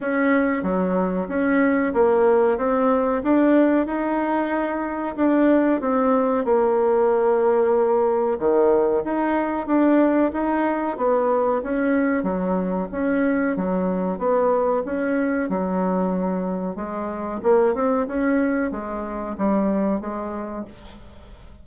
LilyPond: \new Staff \with { instrumentName = "bassoon" } { \time 4/4 \tempo 4 = 93 cis'4 fis4 cis'4 ais4 | c'4 d'4 dis'2 | d'4 c'4 ais2~ | ais4 dis4 dis'4 d'4 |
dis'4 b4 cis'4 fis4 | cis'4 fis4 b4 cis'4 | fis2 gis4 ais8 c'8 | cis'4 gis4 g4 gis4 | }